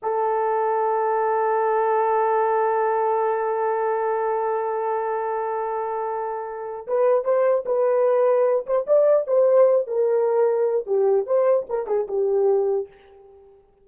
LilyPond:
\new Staff \with { instrumentName = "horn" } { \time 4/4 \tempo 4 = 149 a'1~ | a'1~ | a'1~ | a'1~ |
a'4 b'4 c''4 b'4~ | b'4. c''8 d''4 c''4~ | c''8 ais'2~ ais'8 g'4 | c''4 ais'8 gis'8 g'2 | }